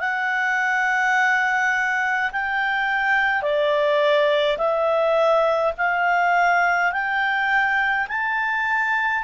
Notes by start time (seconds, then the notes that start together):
0.00 F#5
2.32 G5
3.42 D5
4.58 E5
5.77 F5
6.92 G5
8.08 A5